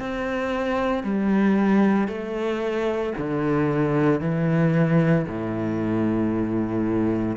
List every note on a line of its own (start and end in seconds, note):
0.00 1.03 C4
1.03 2.08 G3
2.08 3.13 A3
3.18 4.21 D3
4.21 5.26 E3
5.28 7.37 A2